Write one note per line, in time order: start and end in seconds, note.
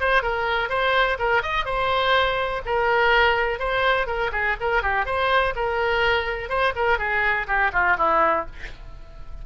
0.00 0.22 C5
0.22 0.69 A#4
0.69 1.18 C5
1.19 1.43 A#4
1.43 1.65 D#5
1.65 2.62 C5
2.65 3.59 A#4
3.59 4.07 C5
4.07 4.31 A#4
4.32 4.56 G#4
4.60 4.83 A#4
4.83 5.05 G4
5.05 5.54 C5
5.56 6.49 A#4
6.49 6.73 C5
6.75 6.99 A#4
6.99 7.47 G#4
7.47 7.71 G4
7.73 7.97 F4
7.98 8.46 E4